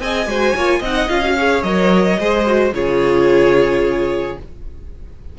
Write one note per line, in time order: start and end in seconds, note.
0.00 0.27 C4
0.00 0.27 G#4
0.00 0.30 D#5
0.00 0.83 G#5
0.27 0.54 G#3
0.27 0.57 F#4
0.27 0.56 C5
0.56 0.81 A#3
0.56 0.84 F4
0.56 0.79 C#5
0.79 1.08 C4
0.79 1.34 D#5
0.79 1.10 F#5
0.86 1.09 D#4
1.09 1.64 C#4
1.09 1.23 F4
1.09 1.63 F5
1.24 1.37 F#4
1.38 1.65 G#4
1.38 2.20 C#5
1.63 2.18 F#3
1.63 2.19 A#4
1.63 2.72 D#5
2.20 2.73 G#3
2.20 2.46 G#4
2.20 2.75 C5
2.46 2.74 F#4
2.73 4.37 C#3
2.73 4.38 F4
2.73 4.39 G#4
2.73 4.38 C#5